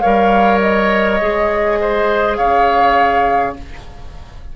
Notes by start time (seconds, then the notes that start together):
0.00 G3 A#4 C#5 F5
0.60 D#5
1.21 G#3 G#4
1.81 C5
2.36 C#3 C#5 F5